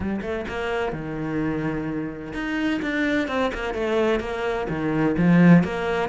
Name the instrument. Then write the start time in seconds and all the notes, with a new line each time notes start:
cello
0.00 G3
0.21 A3
0.48 A#3
0.92 D#3
2.33 D#4
2.81 D4
3.28 C4
3.53 A#3
3.74 A3
4.20 A#3
4.69 D#3
5.17 F3
5.63 A#3